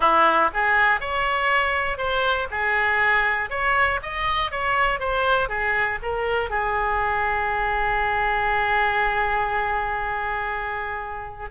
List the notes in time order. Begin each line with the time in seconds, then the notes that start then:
0.00 E4
0.53 G#4
1.00 C#5
1.97 C5
2.50 G#4
3.50 C#5
4.02 D#5
4.51 C#5
4.99 C5
5.48 G#4
6.02 A#4
6.50 G#4